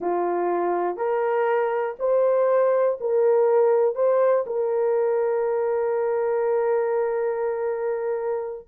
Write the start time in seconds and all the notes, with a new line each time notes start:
0.00 F4
0.96 A#4
1.99 C5
3.00 A#4
3.95 C5
4.46 A#4